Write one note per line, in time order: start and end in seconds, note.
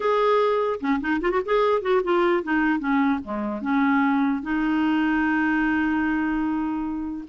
0.00 0.80 G#4
0.80 1.00 C#4
1.00 1.20 D#4
1.21 1.30 F4
1.30 1.40 F#4
1.45 1.81 G#4
1.81 2.01 F#4
2.03 2.43 F4
2.43 2.79 D#4
2.79 3.19 C#4
3.23 3.61 G#3
3.61 4.42 C#4
4.42 7.24 D#4